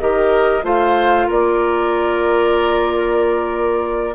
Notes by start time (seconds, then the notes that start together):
0.00 D#3 G4 A#4 D#5
0.62 A3 F4 C5 F5
1.27 A#3 A#4 D5